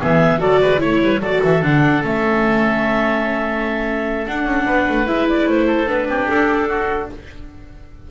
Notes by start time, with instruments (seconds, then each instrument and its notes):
0.00 double bass E3, viola B3, oboe G#4, clarinet E5
0.39 double bass F#3, viola F#4, oboe A4, clarinet D5
0.61 double bass G#3, oboe B4
0.78 double bass A3, viola E4, clarinet C#5, oboe C#5
1.02 double bass G3, oboe B4
1.20 double bass F#3, viola F#4, oboe A4, clarinet D5
1.43 double bass E3, clarinet E5
1.62 double bass D3, viola D4, clarinet F#5
2.03 double bass A3, viola C#4, clarinet E5
4.26 viola D4, double bass D4, clarinet F#5
4.45 double bass C#4
4.66 double bass B3, oboe B4
4.89 double bass A3
5.06 double bass G#3, viola E4, clarinet E5
5.29 clarinet D5
5.47 double bass A3, clarinet C5
5.67 oboe A4
5.87 double bass B3, viola D4, clarinet B4
6.07 double bass C4, oboe G4
6.28 double bass D4, clarinet A4
6.68 oboe F#4